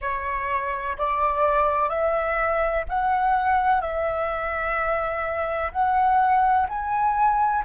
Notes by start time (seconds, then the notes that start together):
0.01 C#5
0.97 D5
1.89 E5
2.88 F#5
3.81 E5
5.71 F#5
6.68 G#5